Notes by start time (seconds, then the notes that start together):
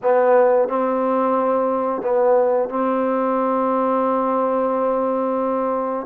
0.02 B3
0.68 C4
2.02 B3
2.69 C4